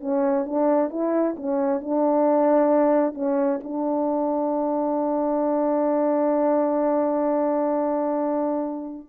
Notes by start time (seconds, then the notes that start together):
0.00 C#4
0.45 D4
0.90 E4
1.36 C#4
1.81 D4
3.14 C#4
3.63 D4